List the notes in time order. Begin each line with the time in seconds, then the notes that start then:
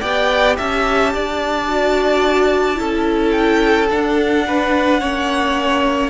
0.00 B3 G4 D5 G5
0.57 C#4 E5 A5
1.14 D4 D5
1.68 F#4
2.75 C#4 E4 A4
3.31 G5
3.90 D4 F#5
4.47 B4
5.00 A#3 C#4 C#5